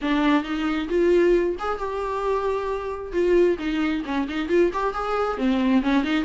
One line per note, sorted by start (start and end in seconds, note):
0.01 0.43 D4
0.43 0.88 D#4
0.88 1.55 F4
1.59 1.78 G#4
1.78 3.12 G4
3.12 3.57 F4
3.58 4.03 D#4
4.05 4.27 C#4
4.28 4.49 D#4
4.49 4.71 F4
4.73 4.94 G4
4.94 5.37 G#4
5.37 5.82 C4
5.82 6.03 C#4
6.03 6.24 D#4